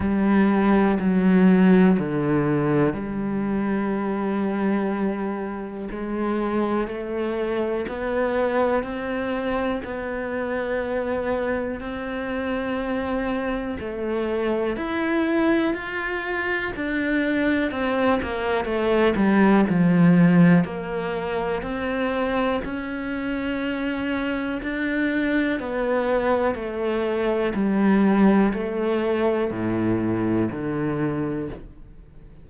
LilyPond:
\new Staff \with { instrumentName = "cello" } { \time 4/4 \tempo 4 = 61 g4 fis4 d4 g4~ | g2 gis4 a4 | b4 c'4 b2 | c'2 a4 e'4 |
f'4 d'4 c'8 ais8 a8 g8 | f4 ais4 c'4 cis'4~ | cis'4 d'4 b4 a4 | g4 a4 a,4 d4 | }